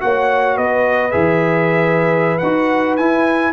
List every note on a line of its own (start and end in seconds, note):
0.00 0.57 A#3
0.00 1.12 F#4
0.00 0.56 C#5
0.00 0.57 F#5
0.56 1.14 B3
0.56 3.53 B4
0.56 1.12 D#5
1.12 2.41 E3
1.12 2.39 G#4
1.12 2.39 E5
2.39 2.98 D#4
2.39 2.99 F#4
2.39 2.95 F#5
2.97 3.54 E4
2.97 3.53 G#5